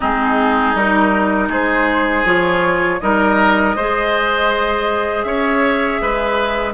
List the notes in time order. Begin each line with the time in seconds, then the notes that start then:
0.00 G#3 C4 D#4 G#4
0.74 G3 D#4 A#4
1.48 G#3 G#4 C5
2.24 F3 F4 C#5
3.00 G3 D#4 A#4 D#5
3.75 G#3 G#4 C5
5.23 C#4 C#5 E5
6.01 G#3 B4